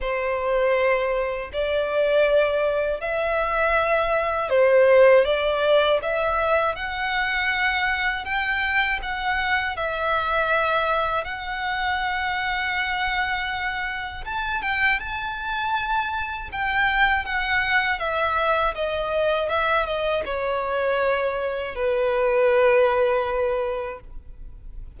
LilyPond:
\new Staff \with { instrumentName = "violin" } { \time 4/4 \tempo 4 = 80 c''2 d''2 | e''2 c''4 d''4 | e''4 fis''2 g''4 | fis''4 e''2 fis''4~ |
fis''2. a''8 g''8 | a''2 g''4 fis''4 | e''4 dis''4 e''8 dis''8 cis''4~ | cis''4 b'2. | }